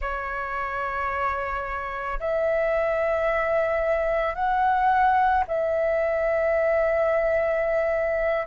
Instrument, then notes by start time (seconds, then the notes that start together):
flute
0.00 C#5
2.19 E5
4.34 F#5
5.47 E5